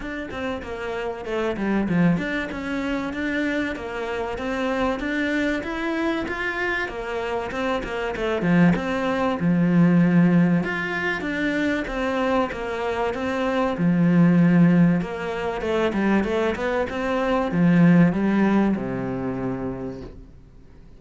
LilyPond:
\new Staff \with { instrumentName = "cello" } { \time 4/4 \tempo 4 = 96 d'8 c'8 ais4 a8 g8 f8 d'8 | cis'4 d'4 ais4 c'4 | d'4 e'4 f'4 ais4 | c'8 ais8 a8 f8 c'4 f4~ |
f4 f'4 d'4 c'4 | ais4 c'4 f2 | ais4 a8 g8 a8 b8 c'4 | f4 g4 c2 | }